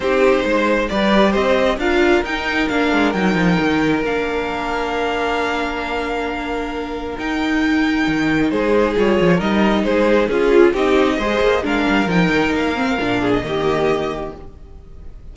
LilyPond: <<
  \new Staff \with { instrumentName = "violin" } { \time 4/4 \tempo 4 = 134 c''2 d''4 dis''4 | f''4 g''4 f''4 g''4~ | g''4 f''2.~ | f''1 |
g''2. c''4 | cis''4 dis''4 c''4 gis'4 | dis''2 f''4 g''4 | f''4.~ f''16 dis''2~ dis''16 | }
  \new Staff \with { instrumentName = "violin" } { \time 4/4 g'4 c''4 b'4 c''4 | ais'1~ | ais'1~ | ais'1~ |
ais'2. gis'4~ | gis'4 ais'4 gis'4 f'4 | g'4 c''4 ais'2~ | ais'4. gis'8 g'2 | }
  \new Staff \with { instrumentName = "viola" } { \time 4/4 dis'2 g'2 | f'4 dis'4 d'4 dis'4~ | dis'4 d'2.~ | d'1 |
dis'1 | f'4 dis'2 f'4 | dis'4 gis'4 d'4 dis'4~ | dis'8 c'8 d'4 ais2 | }
  \new Staff \with { instrumentName = "cello" } { \time 4/4 c'4 gis4 g4 c'4 | d'4 dis'4 ais8 gis8 fis8 f8 | dis4 ais2.~ | ais1 |
dis'2 dis4 gis4 | g8 f8 g4 gis4 cis'4 | c'4 gis8 ais8 gis8 g8 f8 dis8 | ais4 ais,4 dis2 | }
>>